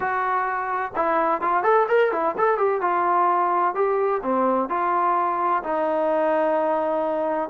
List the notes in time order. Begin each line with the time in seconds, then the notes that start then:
0.00 F#4
0.95 E4
1.41 F4
1.63 A4
1.88 A#4
2.12 E4
2.37 A4
2.57 G4
2.81 F4
3.75 G4
4.22 C4
4.69 F4
5.63 D#4